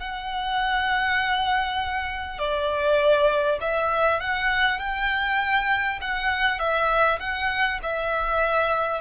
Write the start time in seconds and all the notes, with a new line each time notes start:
0.00 F#5
2.39 D5
3.61 E5
4.21 F#5
4.79 G5
6.02 F#5
6.59 E5
7.20 F#5
7.83 E5